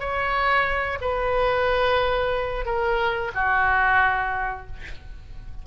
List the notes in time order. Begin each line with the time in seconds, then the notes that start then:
0.00 C#5
1.01 B4
2.66 A#4
3.35 F#4